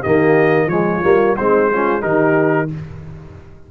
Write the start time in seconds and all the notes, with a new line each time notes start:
0.00 D#3 A#3 G4 D#5
0.67 F3 G#3 C#5
0.73 F4
1.03 G3 A#3
1.36 G#3 C4 D#4 C5
1.72 C#4 F4
2.02 D#3 D#4 G4 A#4